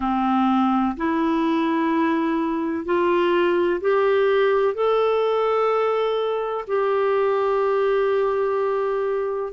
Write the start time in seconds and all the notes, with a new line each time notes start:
0.00 C4
0.97 E4
2.85 F4
3.81 G4
4.74 A4
6.67 G4